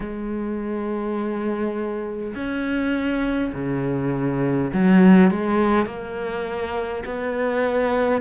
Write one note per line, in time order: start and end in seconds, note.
0.00 2.34 G#3
2.35 3.52 C#4
3.53 4.71 C#3
4.73 5.30 F#3
5.30 5.86 G#3
5.86 7.03 A#3
7.05 8.21 B3